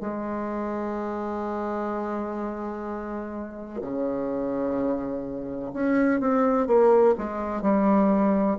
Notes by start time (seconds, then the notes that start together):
0.00 G#3
3.81 C#3
5.73 C#4
6.20 C4
6.67 A#3
7.18 G#3
7.62 G3